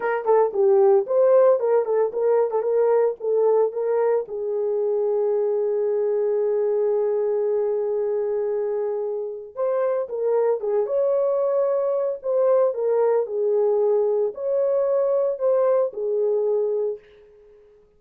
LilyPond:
\new Staff \with { instrumentName = "horn" } { \time 4/4 \tempo 4 = 113 ais'8 a'8 g'4 c''4 ais'8 a'8 | ais'8. a'16 ais'4 a'4 ais'4 | gis'1~ | gis'1~ |
gis'2 c''4 ais'4 | gis'8 cis''2~ cis''8 c''4 | ais'4 gis'2 cis''4~ | cis''4 c''4 gis'2 | }